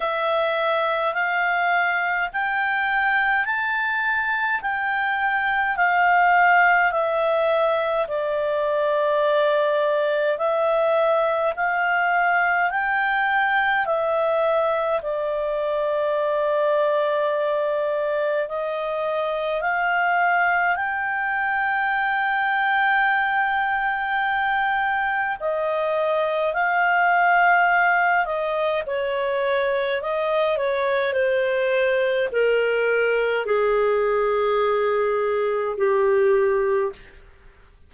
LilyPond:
\new Staff \with { instrumentName = "clarinet" } { \time 4/4 \tempo 4 = 52 e''4 f''4 g''4 a''4 | g''4 f''4 e''4 d''4~ | d''4 e''4 f''4 g''4 | e''4 d''2. |
dis''4 f''4 g''2~ | g''2 dis''4 f''4~ | f''8 dis''8 cis''4 dis''8 cis''8 c''4 | ais'4 gis'2 g'4 | }